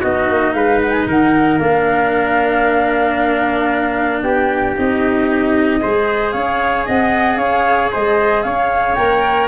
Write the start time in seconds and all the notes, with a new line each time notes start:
0.00 B3 D#4 F#4 D#5
0.29 A#3
0.53 G#3 B4 F5
0.81 F#5
0.90 G#5
1.06 D#3 A#4 F#5
1.58 A#3 D4 F5
4.22 B3 G4 G5
4.76 C4 D#4 D#5
5.81 G#3 G#4 C5
6.31 C#4 C#5 F5
6.86 C4 D#5 F#5
7.36 C#4 C#5 F5
7.91 G#3 C5 D#5
8.43 C#4 C#5 F5
8.95 A#3 A#4 G5